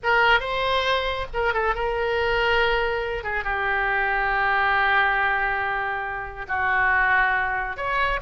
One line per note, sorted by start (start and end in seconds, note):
0.03 0.40 A#4
0.40 1.26 C5
1.33 1.53 A#4
1.53 1.75 A4
1.75 3.23 A#4
3.23 3.44 G#4
3.44 6.46 G4
6.48 7.76 F#4
7.76 8.20 C#5